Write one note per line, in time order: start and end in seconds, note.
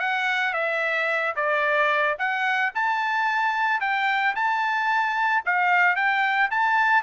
0.00 0.54 F#5
0.54 1.35 E5
1.36 2.17 D5
2.19 2.73 F#5
2.75 3.81 A5
3.81 4.35 G5
4.36 5.44 A5
5.46 5.96 F5
5.96 6.50 G5
6.51 7.03 A5